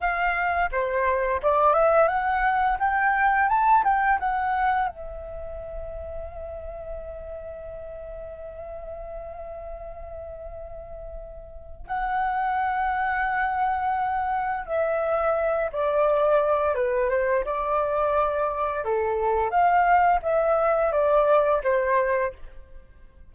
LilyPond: \new Staff \with { instrumentName = "flute" } { \time 4/4 \tempo 4 = 86 f''4 c''4 d''8 e''8 fis''4 | g''4 a''8 g''8 fis''4 e''4~ | e''1~ | e''1~ |
e''4 fis''2.~ | fis''4 e''4. d''4. | b'8 c''8 d''2 a'4 | f''4 e''4 d''4 c''4 | }